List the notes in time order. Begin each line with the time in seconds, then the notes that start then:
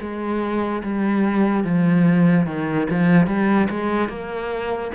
0.00 G#3
0.83 G3
1.64 F3
2.46 D#3
2.90 F3
3.27 G3
3.70 G#3
4.09 A#3